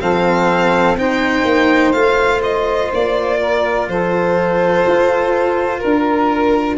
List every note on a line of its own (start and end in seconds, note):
0.00 0.95 F3
0.00 0.97 C4
0.00 0.98 A4
0.00 0.97 F5
0.95 1.43 C4
0.95 1.94 D#4
0.95 3.40 C5
0.95 1.92 G5
1.45 1.93 A#3
1.92 2.90 A3
1.92 6.78 F4
1.92 2.40 F5
2.43 2.91 D#5
2.93 3.87 A#3
2.93 3.89 D5
3.40 3.88 A#4
3.87 4.84 F3
3.87 5.79 A4
3.87 5.79 C5
4.86 5.83 F4
5.79 6.78 D4
5.79 6.76 A#4